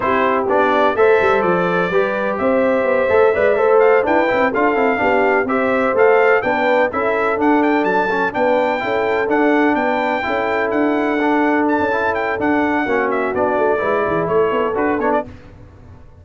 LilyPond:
<<
  \new Staff \with { instrumentName = "trumpet" } { \time 4/4 \tempo 4 = 126 c''4 d''4 e''4 d''4~ | d''4 e''2. | f''8 g''4 f''2 e''8~ | e''8 f''4 g''4 e''4 fis''8 |
g''8 a''4 g''2 fis''8~ | fis''8 g''2 fis''4.~ | fis''8 a''4 g''8 fis''4. e''8 | d''2 cis''4 b'8 cis''16 d''16 | }
  \new Staff \with { instrumentName = "horn" } { \time 4/4 g'2 c''2 | b'4 c''2 d''8 c''8~ | c''8 b'4 a'4 g'4 c''8~ | c''4. b'4 a'4.~ |
a'4. b'4 a'4.~ | a'8 b'4 a'2~ a'8~ | a'2. fis'4~ | fis'4 b'8 gis'8 a'2 | }
  \new Staff \with { instrumentName = "trombone" } { \time 4/4 e'4 d'4 a'2 | g'2~ g'8 a'8 b'8 a'8~ | a'8 d'8 e'8 f'8 e'8 d'4 g'8~ | g'8 a'4 d'4 e'4 d'8~ |
d'4 cis'8 d'4 e'4 d'8~ | d'4. e'2 d'8~ | d'4 e'4 d'4 cis'4 | d'4 e'2 fis'8 d'8 | }
  \new Staff \with { instrumentName = "tuba" } { \time 4/4 c'4 b4 a8 g8 f4 | g4 c'4 b8 a8 gis8 a8~ | a8 e'8 cis'16 c'16 d'8 c'8 b4 c'8~ | c'8 a4 b4 cis'4 d'8~ |
d'8 fis4 b4 cis'4 d'8~ | d'8 b4 cis'4 d'4.~ | d'8. cis'4~ cis'16 d'4 ais4 | b8 a8 gis8 e8 a8 b8 d'8 b8 | }
>>